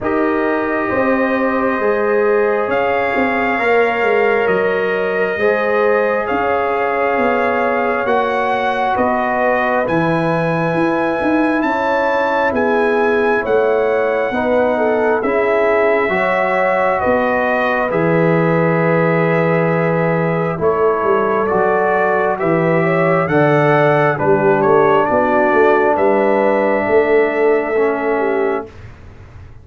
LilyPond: <<
  \new Staff \with { instrumentName = "trumpet" } { \time 4/4 \tempo 4 = 67 dis''2. f''4~ | f''4 dis''2 f''4~ | f''4 fis''4 dis''4 gis''4~ | gis''4 a''4 gis''4 fis''4~ |
fis''4 e''2 dis''4 | e''2. cis''4 | d''4 e''4 fis''4 b'8 cis''8 | d''4 e''2. | }
  \new Staff \with { instrumentName = "horn" } { \time 4/4 ais'4 c''2 cis''4~ | cis''2 c''4 cis''4~ | cis''2 b'2~ | b'4 cis''4 gis'4 cis''4 |
b'8 a'8 gis'4 cis''4 b'4~ | b'2. a'4~ | a'4 b'8 cis''8 d''4 g'4 | fis'4 b'4 a'4. g'8 | }
  \new Staff \with { instrumentName = "trombone" } { \time 4/4 g'2 gis'2 | ais'2 gis'2~ | gis'4 fis'2 e'4~ | e'1 |
dis'4 e'4 fis'2 | gis'2. e'4 | fis'4 g'4 a'4 d'4~ | d'2. cis'4 | }
  \new Staff \with { instrumentName = "tuba" } { \time 4/4 dis'4 c'4 gis4 cis'8 c'8 | ais8 gis8 fis4 gis4 cis'4 | b4 ais4 b4 e4 | e'8 dis'8 cis'4 b4 a4 |
b4 cis'4 fis4 b4 | e2. a8 g8 | fis4 e4 d4 g8 a8 | b8 a8 g4 a2 | }
>>